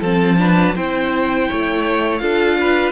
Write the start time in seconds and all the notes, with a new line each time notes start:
0.00 F3 C4 A4 A5
0.38 D4 B4
0.75 C4 E4 C5 G5
1.49 A3 C#5
2.18 D4 F4 A4 F5
2.60 B4